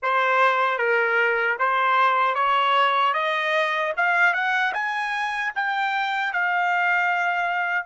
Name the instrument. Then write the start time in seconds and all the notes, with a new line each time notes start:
trumpet
0.02 C5
0.78 A#4
1.58 C5
2.34 C#5
3.13 D#5
3.97 F5
4.33 F#5
4.73 G#5
5.55 G5
6.33 F5